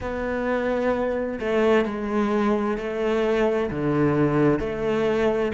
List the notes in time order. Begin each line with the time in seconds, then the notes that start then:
0.00 B3
1.39 A3
1.85 G#3
2.77 A3
3.70 D3
4.59 A3